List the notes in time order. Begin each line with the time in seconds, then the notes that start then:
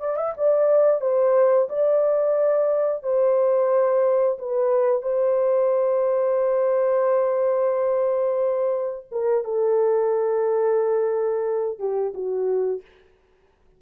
0.00 D5
0.17 E5
0.37 D5
1.01 C5
1.69 D5
3.03 C5
4.39 B4
5.02 C5
9.12 A#4
9.44 A4
11.79 G4
12.14 F#4